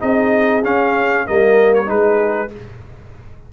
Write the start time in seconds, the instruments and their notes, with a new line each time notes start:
0.00 tuba C4, trombone D#4, horn G#4, trumpet D#5
0.64 trombone C#4, tuba C#4, trumpet F5
1.26 tuba G3, trombone A#3, horn A#4, trumpet D#5
1.74 trumpet C#5
1.86 tuba G#3, trombone D#4, horn G#4, trumpet B4